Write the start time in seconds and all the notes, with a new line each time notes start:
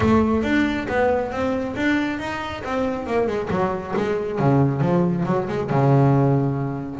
0.00 A3
0.43 D4
0.88 B3
1.31 C4
1.75 D4
2.19 D#4
2.64 C4
3.07 A#3
3.27 G#3
3.50 F#3
3.96 G#3
4.39 C#3
4.80 F3
5.25 F#3
5.48 G#3
5.70 C#3